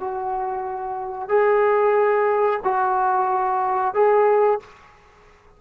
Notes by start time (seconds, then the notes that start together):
0.00 F#4
1.29 G#4
2.64 F#4
3.94 G#4